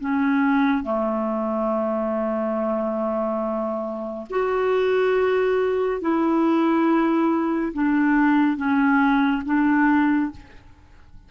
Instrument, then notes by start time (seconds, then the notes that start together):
clarinet
0.00 C#4
0.83 A3
4.30 F#4
6.01 E4
7.73 D4
8.57 C#4
9.45 D4